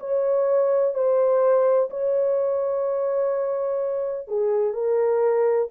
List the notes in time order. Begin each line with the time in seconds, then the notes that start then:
0.00 C#5
0.94 C5
1.90 C#5
4.28 G#4
4.74 A#4